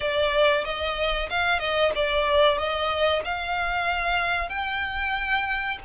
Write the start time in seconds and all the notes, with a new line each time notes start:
0.00 D5
0.64 D#5
1.29 F5
1.59 D#5
1.95 D5
2.57 D#5
3.24 F5
4.49 G5